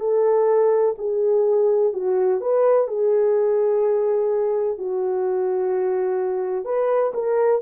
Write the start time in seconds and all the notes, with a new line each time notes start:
0.00 A4
0.98 G#4
1.93 F#4
2.41 B4
2.87 G#4
4.77 F#4
6.65 B4
7.14 A#4